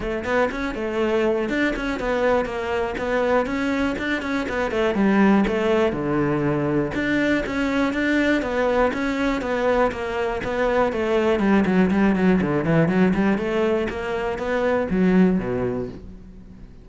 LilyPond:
\new Staff \with { instrumentName = "cello" } { \time 4/4 \tempo 4 = 121 a8 b8 cis'8 a4. d'8 cis'8 | b4 ais4 b4 cis'4 | d'8 cis'8 b8 a8 g4 a4 | d2 d'4 cis'4 |
d'4 b4 cis'4 b4 | ais4 b4 a4 g8 fis8 | g8 fis8 d8 e8 fis8 g8 a4 | ais4 b4 fis4 b,4 | }